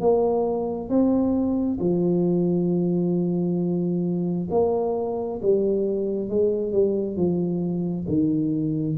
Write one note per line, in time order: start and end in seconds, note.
0.00 0.89 A#3
0.89 1.78 C4
1.80 4.49 F3
4.50 5.40 A#3
5.42 6.29 G3
6.29 6.72 G#3
6.72 7.16 G3
7.16 8.06 F3
8.08 8.97 D#3